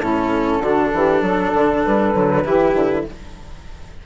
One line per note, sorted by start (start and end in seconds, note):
0.00 0.61 A2
0.00 0.64 C#4
0.00 0.61 E4
0.00 1.82 A4
0.61 0.91 D3
0.61 2.15 D4
0.61 0.92 F#4
0.94 1.22 E3
0.94 1.24 G4
1.22 1.52 F#3
1.22 2.44 A4
1.54 1.85 D3
1.85 2.15 G3
1.85 3.06 B4
2.15 2.45 D3
2.15 2.45 F#3
2.44 2.74 E3
2.44 3.05 E4
2.44 3.04 G4
2.74 3.05 D3